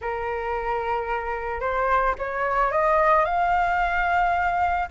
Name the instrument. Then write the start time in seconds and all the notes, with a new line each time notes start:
flute
0.01 A#4
1.60 C5
2.18 C#5
2.71 D#5
3.24 F5